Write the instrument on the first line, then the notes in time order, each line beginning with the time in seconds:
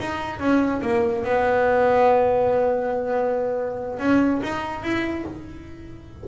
double bass
0.00 D#4
0.40 C#4
0.82 A#3
1.25 B3
3.99 C#4
4.43 D#4
4.83 E4